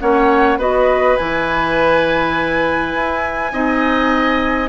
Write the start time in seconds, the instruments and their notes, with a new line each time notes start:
0.00 bassoon A#3, clarinet C#4, oboe C#5, flute F#5
0.58 bassoon B3, clarinet F#4, oboe B4, flute D#5
1.17 bassoon E3, clarinet E4, flute G#5
2.95 bassoon E4
3.52 bassoon C4, clarinet D#4, oboe D#5